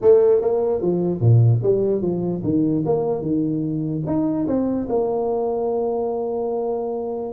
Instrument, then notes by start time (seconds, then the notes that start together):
tuba
0.01 A3
0.41 A#3
0.81 F3
1.20 A#2
1.63 G3
2.01 F3
2.43 D#3
2.85 A#3
3.21 D#3
4.06 D#4
4.47 C4
4.89 A#3